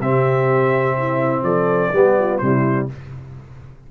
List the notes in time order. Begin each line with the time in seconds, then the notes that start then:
0.00 C3 C4 G4 E5
0.98 E4
1.42 F3 A4 D5
1.93 G3 B3 G4
2.18 F4
2.38 C3 G3 E4 C5